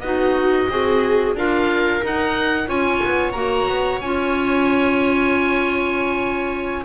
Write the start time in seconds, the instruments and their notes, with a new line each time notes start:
0.00 double bass B3, clarinet D#4, viola F#4, oboe D#5
0.69 double bass C4, clarinet F#4, viola G#4
1.34 double bass D4, clarinet F4, viola A#4, oboe F5
2.02 clarinet D#4, double bass D#4, oboe F#5
2.67 double bass C#4, clarinet F4, viola C#5, oboe G#5
3.04 double bass B3
3.32 double bass A#3, clarinet F#4, oboe A#5
3.68 double bass B3
4.01 double bass C#4, clarinet F4, oboe G#5